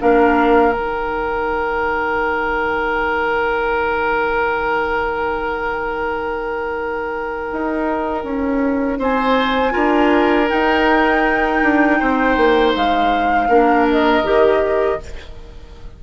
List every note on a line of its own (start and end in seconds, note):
0.00 0.75 A#3
0.00 0.74 D4
0.00 8.99 A#4
0.00 0.73 F5
0.73 7.50 D#3
0.73 9.71 D#4
0.73 8.98 G5
7.53 8.24 D#4
8.24 8.99 C#4
8.99 9.74 C4
8.99 9.73 C5
8.99 10.50 G#5
9.71 10.51 D4
9.71 10.46 F4
9.71 11.98 A#4
10.50 13.50 D#4
10.50 11.63 D#4
10.50 12.75 G5
11.63 12.00 D4
12.00 12.37 C4
12.00 13.49 C5
12.37 12.75 A#3
12.76 13.49 G#3
12.76 13.88 F5
13.49 14.23 A#3
13.49 14.24 D4
13.49 14.99 A#4
13.91 15.03 D#5
14.23 14.98 D#3
14.23 14.99 G4